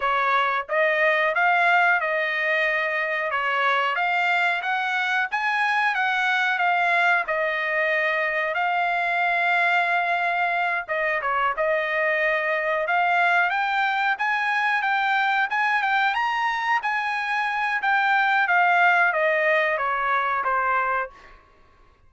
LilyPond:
\new Staff \with { instrumentName = "trumpet" } { \time 4/4 \tempo 4 = 91 cis''4 dis''4 f''4 dis''4~ | dis''4 cis''4 f''4 fis''4 | gis''4 fis''4 f''4 dis''4~ | dis''4 f''2.~ |
f''8 dis''8 cis''8 dis''2 f''8~ | f''8 g''4 gis''4 g''4 gis''8 | g''8 ais''4 gis''4. g''4 | f''4 dis''4 cis''4 c''4 | }